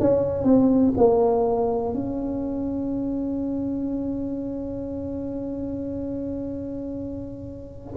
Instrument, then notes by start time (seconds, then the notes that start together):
tuba
0.00 C#4
0.44 C4
0.97 A#3
1.94 C#4